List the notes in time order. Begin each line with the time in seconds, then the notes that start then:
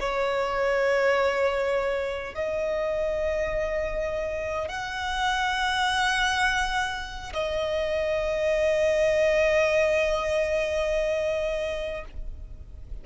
0.00 C#5
2.35 D#5
4.68 F#5
7.34 D#5